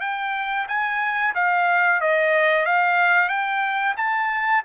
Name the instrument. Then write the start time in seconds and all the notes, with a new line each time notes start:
trumpet
0.00 G5
0.67 G#5
1.34 F5
2.00 D#5
2.65 F5
3.28 G5
3.97 A5